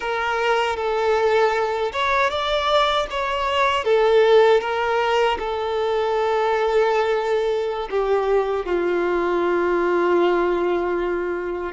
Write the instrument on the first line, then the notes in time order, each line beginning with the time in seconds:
violin
0.00 A#4
0.76 A4
1.92 C#5
2.29 D5
3.10 C#5
3.84 A4
4.60 A#4
5.38 A4
7.90 G4
8.65 F4